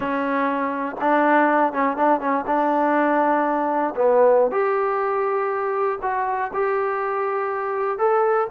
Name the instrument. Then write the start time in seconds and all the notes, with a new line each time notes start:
trombone
0.00 C#4
1.00 D4
1.72 C#4
1.96 D4
2.20 C#4
2.46 D4
3.95 B3
4.51 G4
6.02 F#4
6.53 G4
7.98 A4